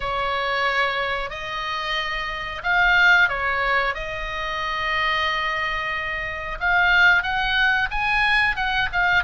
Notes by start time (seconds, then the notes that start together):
0.00 C#5
1.29 D#5
2.63 F5
3.28 C#5
3.94 D#5
6.60 F5
7.23 F#5
7.91 G#5
8.55 F#5
8.92 F5